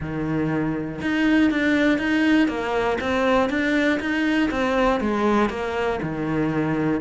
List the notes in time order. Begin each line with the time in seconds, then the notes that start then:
0.00 D#3
1.01 D#4
1.50 D4
1.98 D#4
2.48 A#3
3.00 C4
3.49 D4
4.00 D#4
4.50 C4
5.00 G#3
5.49 A#3
6.02 D#3